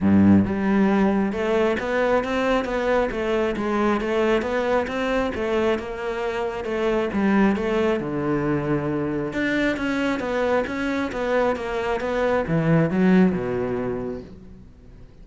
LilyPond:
\new Staff \with { instrumentName = "cello" } { \time 4/4 \tempo 4 = 135 g,4 g2 a4 | b4 c'4 b4 a4 | gis4 a4 b4 c'4 | a4 ais2 a4 |
g4 a4 d2~ | d4 d'4 cis'4 b4 | cis'4 b4 ais4 b4 | e4 fis4 b,2 | }